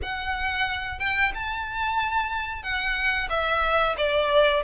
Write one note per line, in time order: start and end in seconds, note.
0.02 0.99 F#5
0.99 1.32 G5
1.34 2.62 A5
2.62 3.28 F#5
3.29 3.95 E5
3.97 4.63 D5